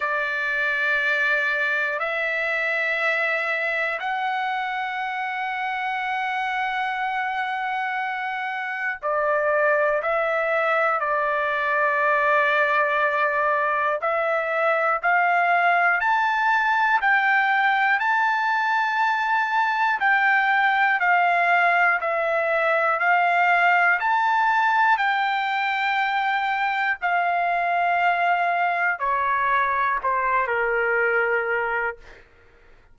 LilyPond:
\new Staff \with { instrumentName = "trumpet" } { \time 4/4 \tempo 4 = 60 d''2 e''2 | fis''1~ | fis''4 d''4 e''4 d''4~ | d''2 e''4 f''4 |
a''4 g''4 a''2 | g''4 f''4 e''4 f''4 | a''4 g''2 f''4~ | f''4 cis''4 c''8 ais'4. | }